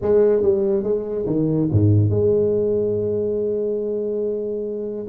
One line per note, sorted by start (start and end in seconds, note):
0.01 0.42 G#3
0.42 0.83 G3
0.83 1.25 G#3
1.26 1.68 D#3
1.71 2.10 G#2
2.10 5.06 G#3